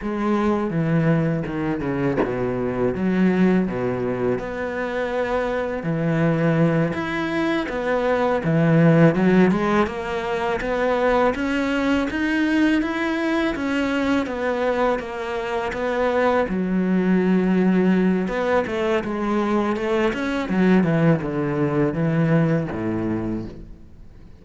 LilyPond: \new Staff \with { instrumentName = "cello" } { \time 4/4 \tempo 4 = 82 gis4 e4 dis8 cis8 b,4 | fis4 b,4 b2 | e4. e'4 b4 e8~ | e8 fis8 gis8 ais4 b4 cis'8~ |
cis'8 dis'4 e'4 cis'4 b8~ | b8 ais4 b4 fis4.~ | fis4 b8 a8 gis4 a8 cis'8 | fis8 e8 d4 e4 a,4 | }